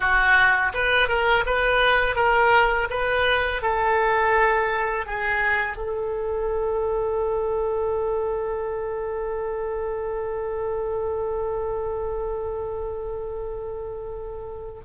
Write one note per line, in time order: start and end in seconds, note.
0.00 0.72 F#4
0.74 1.08 B4
1.08 1.44 A#4
1.46 2.15 B4
2.15 2.88 A#4
2.89 3.62 B4
3.62 5.05 A4
5.05 5.76 G#4
5.76 14.80 A4